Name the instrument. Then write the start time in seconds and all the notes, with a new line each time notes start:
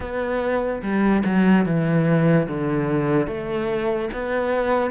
cello
0.00 B3
0.82 G3
1.25 F#3
1.65 E3
2.48 D3
3.27 A3
4.13 B3